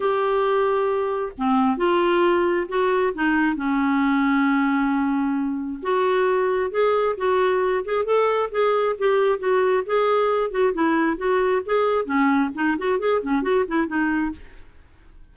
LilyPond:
\new Staff \with { instrumentName = "clarinet" } { \time 4/4 \tempo 4 = 134 g'2. c'4 | f'2 fis'4 dis'4 | cis'1~ | cis'4 fis'2 gis'4 |
fis'4. gis'8 a'4 gis'4 | g'4 fis'4 gis'4. fis'8 | e'4 fis'4 gis'4 cis'4 | dis'8 fis'8 gis'8 cis'8 fis'8 e'8 dis'4 | }